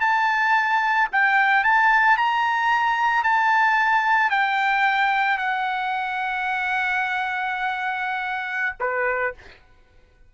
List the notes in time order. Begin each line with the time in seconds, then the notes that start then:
0.00 A5
1.12 G5
1.64 A5
2.17 A#5
3.24 A5
4.30 G5
5.38 F#5
8.80 B4